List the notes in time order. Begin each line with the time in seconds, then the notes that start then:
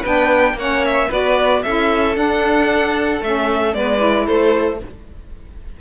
0.00 D4 B4 G5
0.06 B3
0.54 A#3 C#4 C#5 F#5
0.85 E5
1.08 B3 F#4 B4 D5
1.63 C#4 E4 A4 E5
2.14 D4 F#5
3.21 A3 C#4 E5
3.74 G#3 B3 B4 D5
3.98 E4
4.26 A3 A4 C5